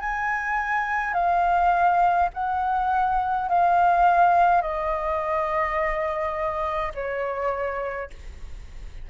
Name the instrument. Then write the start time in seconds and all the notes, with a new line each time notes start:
flute
0.00 G#5
1.14 F5
2.33 F#5
3.49 F5
4.62 D#5
6.94 C#5